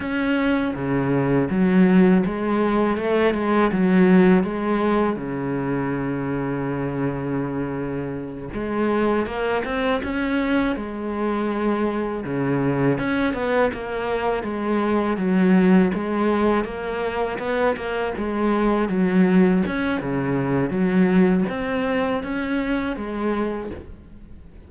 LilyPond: \new Staff \with { instrumentName = "cello" } { \time 4/4 \tempo 4 = 81 cis'4 cis4 fis4 gis4 | a8 gis8 fis4 gis4 cis4~ | cis2.~ cis8 gis8~ | gis8 ais8 c'8 cis'4 gis4.~ |
gis8 cis4 cis'8 b8 ais4 gis8~ | gis8 fis4 gis4 ais4 b8 | ais8 gis4 fis4 cis'8 cis4 | fis4 c'4 cis'4 gis4 | }